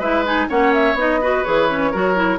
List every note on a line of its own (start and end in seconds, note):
0.00 0.48 G#3
0.00 0.26 E4
0.00 0.48 B4
0.00 0.25 E5
0.26 0.50 D#4
0.26 0.50 G#5
0.49 0.94 A#3
0.49 0.98 C#4
0.49 1.21 C#5
0.49 0.74 F#5
0.74 0.98 E5
0.94 1.42 B3
0.94 1.22 D#4
0.94 1.44 D#5
1.21 1.46 F#4
1.21 1.92 B4
1.44 1.94 E3
1.44 1.69 G#4
1.44 2.40 C#5
1.70 1.93 C#4
1.92 2.40 F#3
1.92 2.15 F#4
1.92 2.39 A#4
2.15 2.39 E4